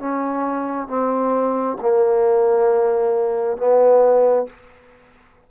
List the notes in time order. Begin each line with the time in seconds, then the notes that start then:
0.00 C#4
0.88 C4
1.82 A#3
3.57 B3